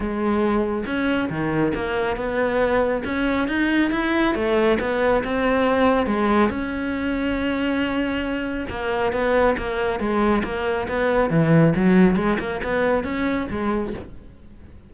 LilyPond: \new Staff \with { instrumentName = "cello" } { \time 4/4 \tempo 4 = 138 gis2 cis'4 dis4 | ais4 b2 cis'4 | dis'4 e'4 a4 b4 | c'2 gis4 cis'4~ |
cis'1 | ais4 b4 ais4 gis4 | ais4 b4 e4 fis4 | gis8 ais8 b4 cis'4 gis4 | }